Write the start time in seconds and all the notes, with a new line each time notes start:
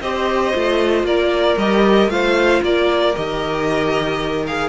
0.00 C4 G4 C5 D#5
0.53 A3 F4
1.03 A#3 A#4 D5
1.57 G3 G4 D#5
2.08 A3 F4 C5 F5
2.62 A#3 A#4 D5
3.15 D#3 G4 D#5
4.46 G#4 F5